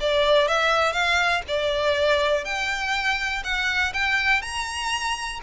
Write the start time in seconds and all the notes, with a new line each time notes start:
0.00 D5
0.48 E5
0.93 F5
1.48 D5
2.44 G5
3.44 F#5
3.93 G5
4.42 A#5